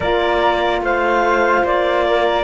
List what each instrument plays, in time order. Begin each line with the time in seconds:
0.00 cello A#3, horn F4, flute A#4, clarinet D5
0.81 cello A3, flute C5, clarinet F5
1.63 cello A#3, clarinet D5
2.08 flute A#4